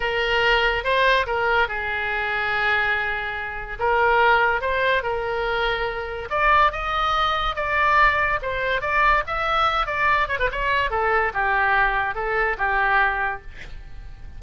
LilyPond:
\new Staff \with { instrumentName = "oboe" } { \time 4/4 \tempo 4 = 143 ais'2 c''4 ais'4 | gis'1~ | gis'4 ais'2 c''4 | ais'2. d''4 |
dis''2 d''2 | c''4 d''4 e''4. d''8~ | d''8 cis''16 b'16 cis''4 a'4 g'4~ | g'4 a'4 g'2 | }